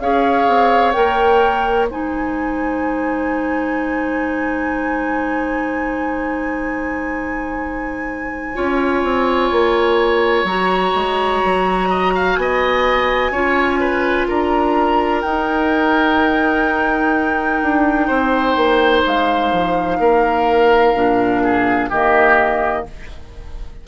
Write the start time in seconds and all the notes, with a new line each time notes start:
0.00 C#4 G#4 C#5 F5
0.48 C4
0.92 A#3 A#4 G5
1.90 G#3 D#4 C5 G#5
8.55 C#4 F4 C#5
9.03 C4
9.52 A#3
10.44 F#3 F#4 A#5
10.95 G#3
11.45 F#3
11.90 D#5
12.15 F5
12.36 B3 D#5 G#5
13.31 C#4 F4 C#5
13.80 B4
14.28 D4 A#4 A#5
15.22 D#4 G5
17.62 D4
18.07 C4 C5
18.56 A#3
19.06 G#3 F5
19.53 F3
19.99 A#3 A#4
20.94 A#2 D4
21.44 G#4
21.90 D#3 A#3 G4 D#5